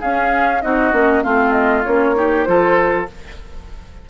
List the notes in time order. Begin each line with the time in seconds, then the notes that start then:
0.00 C#4 G#4 F5
0.61 C4 D#4 F#4 D#5
0.92 A#3 C#4
1.23 A3 C4 F4 F5
1.52 D#5
1.83 A#3 C#4 C#5
2.15 D#4 G4
2.44 F3 F4 A4 C5